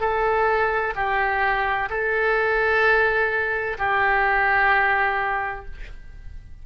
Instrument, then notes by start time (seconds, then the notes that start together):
oboe
0.00 A4
0.95 G4
1.90 A4
3.78 G4